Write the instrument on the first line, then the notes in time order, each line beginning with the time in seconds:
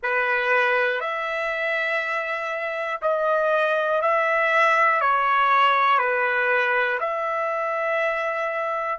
trumpet
0.03 B4
1.00 E5
3.01 D#5
4.01 E5
5.00 C#5
5.98 B4
7.00 E5